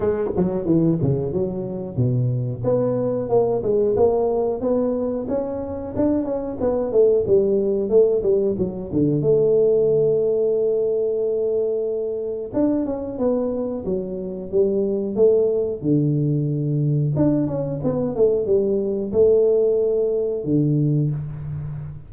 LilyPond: \new Staff \with { instrumentName = "tuba" } { \time 4/4 \tempo 4 = 91 gis8 fis8 e8 cis8 fis4 b,4 | b4 ais8 gis8 ais4 b4 | cis'4 d'8 cis'8 b8 a8 g4 | a8 g8 fis8 d8 a2~ |
a2. d'8 cis'8 | b4 fis4 g4 a4 | d2 d'8 cis'8 b8 a8 | g4 a2 d4 | }